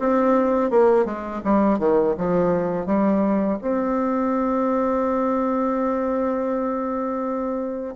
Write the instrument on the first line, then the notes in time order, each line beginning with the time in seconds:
bassoon
0.00 C4
0.71 A#3
1.05 G#3
1.45 G3
1.79 D#3
2.18 F3
2.86 G3
3.62 C4